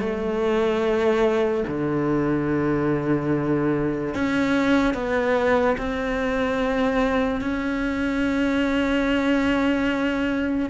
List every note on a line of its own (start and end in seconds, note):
0.00 1.64 A3
1.68 4.15 D3
4.15 4.95 C#4
4.95 5.77 B3
5.78 7.41 C4
7.41 10.70 C#4